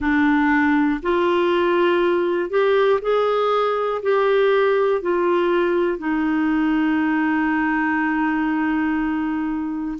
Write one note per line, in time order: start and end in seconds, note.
0.00 1.00 D4
1.02 2.50 F4
2.50 3.00 G4
3.01 4.01 G#4
4.02 5.01 G4
5.01 5.98 F4
5.98 9.98 D#4